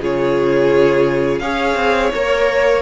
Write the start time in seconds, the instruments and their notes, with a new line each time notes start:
0.00 cello C#3, viola F4, violin G#4 C#5
1.39 cello C#4, viola G#4, violin C#5 F5
1.75 cello C4
2.14 cello A#3, viola A#4, violin C#5